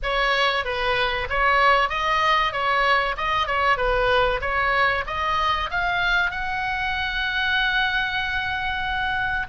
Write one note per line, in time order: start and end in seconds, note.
0.03 0.64 C#5
0.64 1.27 B4
1.29 1.89 C#5
1.89 2.52 D#5
2.52 3.15 C#5
3.17 3.47 D#5
3.47 3.77 C#5
3.77 4.40 B4
4.41 5.04 C#5
5.06 5.70 D#5
5.70 6.30 F5
6.30 9.46 F#5